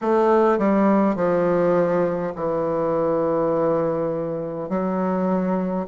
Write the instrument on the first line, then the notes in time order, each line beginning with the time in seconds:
bassoon
0.01 A3
0.58 G3
1.15 F3
2.35 E3
4.68 F#3